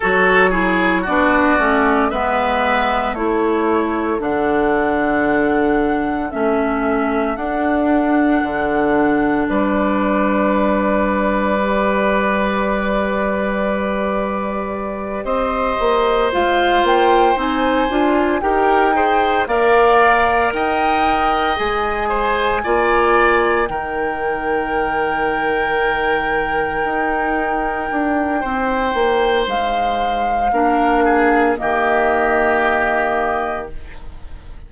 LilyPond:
<<
  \new Staff \with { instrumentName = "flute" } { \time 4/4 \tempo 4 = 57 cis''4 d''4 e''4 cis''4 | fis''2 e''4 fis''4~ | fis''4 d''2.~ | d''2~ d''8 dis''4 f''8 |
g''8 gis''4 g''4 f''4 g''8~ | g''8 gis''2 g''4.~ | g''1 | f''2 dis''2 | }
  \new Staff \with { instrumentName = "oboe" } { \time 4/4 a'8 gis'8 fis'4 b'4 a'4~ | a'1~ | a'4 b'2.~ | b'2~ b'8 c''4.~ |
c''4. ais'8 c''8 d''4 dis''8~ | dis''4 c''8 d''4 ais'4.~ | ais'2. c''4~ | c''4 ais'8 gis'8 g'2 | }
  \new Staff \with { instrumentName = "clarinet" } { \time 4/4 fis'8 e'8 d'8 cis'8 b4 e'4 | d'2 cis'4 d'4~ | d'2. g'4~ | g'2.~ g'8 f'8~ |
f'8 dis'8 f'8 g'8 gis'8 ais'4.~ | ais'8 gis'4 f'4 dis'4.~ | dis'1~ | dis'4 d'4 ais2 | }
  \new Staff \with { instrumentName = "bassoon" } { \time 4/4 fis4 b8 a8 gis4 a4 | d2 a4 d'4 | d4 g2.~ | g2~ g8 c'8 ais8 gis8 |
ais8 c'8 d'8 dis'4 ais4 dis'8~ | dis'8 gis4 ais4 dis4.~ | dis4. dis'4 d'8 c'8 ais8 | gis4 ais4 dis2 | }
>>